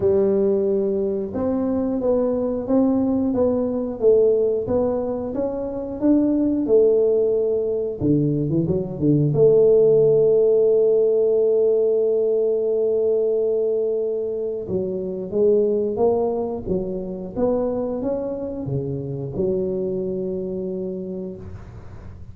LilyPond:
\new Staff \with { instrumentName = "tuba" } { \time 4/4 \tempo 4 = 90 g2 c'4 b4 | c'4 b4 a4 b4 | cis'4 d'4 a2 | d8. e16 fis8 d8 a2~ |
a1~ | a2 fis4 gis4 | ais4 fis4 b4 cis'4 | cis4 fis2. | }